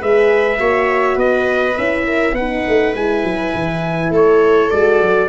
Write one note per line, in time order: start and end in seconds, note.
0.00 0.60 G#3
0.00 0.56 G#4
0.00 0.59 B4
0.00 1.19 E5
0.56 1.16 A#3
0.56 1.74 F#4
0.56 1.16 C#5
1.16 1.75 B3
1.16 2.04 B4
1.16 1.78 D#5
1.77 2.32 C#4
1.77 2.37 E4
1.77 2.35 E5
2.06 2.35 A#4
2.32 2.61 B3
2.32 2.96 D#4
2.32 4.12 B4
2.32 2.94 F#5
2.68 2.94 A3
2.94 3.24 G#3
2.94 4.72 E4
2.94 4.12 G#5
3.24 3.53 F#3
3.54 4.10 E3
4.10 4.69 A3
4.10 5.28 A4
4.10 4.70 C#5
4.70 5.01 G#3
4.70 5.28 F#4
4.70 5.28 D5
5.01 5.28 F#3